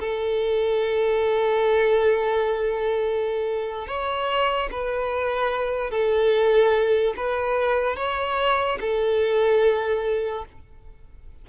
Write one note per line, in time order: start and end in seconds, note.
0.00 3.87 A4
3.87 4.70 C#5
4.72 5.91 B4
5.91 7.14 A4
7.17 7.97 B4
7.97 8.79 C#5
8.81 10.45 A4